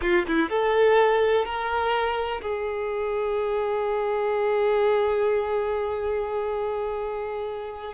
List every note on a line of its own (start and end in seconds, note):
0.01 0.25 F4
0.27 0.49 E4
0.49 1.45 A4
1.45 2.41 A#4
2.41 7.93 G#4